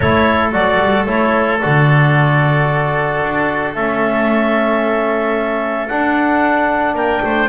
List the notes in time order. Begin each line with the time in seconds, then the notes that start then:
0.00 A3 E4 A4 C#5
0.51 F#3 F#4 D5
0.80 G3
1.06 A3 E4 C#5
1.60 D3 F#4 D5
3.22 D4
3.74 A3 C#4 E5
5.87 D4 F#5
6.94 A#3 A#4 G5
7.23 A3 C5